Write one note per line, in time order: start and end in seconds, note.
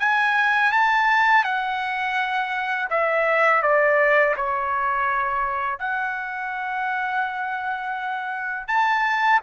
0.00 0.72 G#5
0.72 1.44 A5
1.44 2.89 F#5
2.90 3.62 E5
3.63 4.35 D5
4.37 5.79 C#5
5.79 8.68 F#5
8.68 9.40 A5